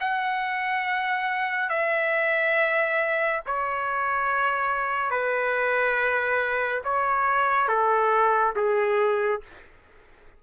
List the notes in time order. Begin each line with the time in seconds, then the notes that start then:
0.00 F#5
1.69 E5
3.46 C#5
5.10 B4
6.84 C#5
7.68 A4
8.56 G#4